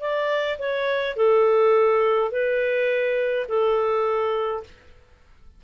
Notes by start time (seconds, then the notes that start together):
0.00 D5
0.59 C#5
1.16 A4
2.31 B4
3.48 A4